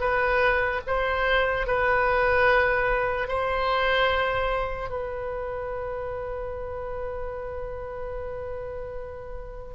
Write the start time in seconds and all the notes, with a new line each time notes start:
0.00 B4
0.87 C5
1.67 B4
3.28 C5
4.89 B4